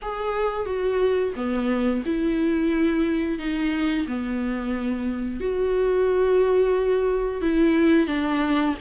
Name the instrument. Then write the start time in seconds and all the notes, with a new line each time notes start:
viola
0.02 G#4
0.65 F#4
1.35 B3
2.05 E4
3.39 D#4
4.07 B3
5.40 F#4
7.41 E4
8.07 D4